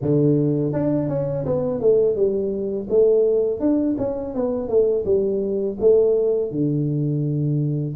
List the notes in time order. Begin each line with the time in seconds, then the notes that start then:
0.01 D3
0.73 D4
1.08 C#4
1.45 B3
1.80 A3
2.15 G3
2.89 A3
3.59 D4
3.98 C#4
4.34 B3
4.68 A3
5.05 G3
5.80 A3
6.51 D3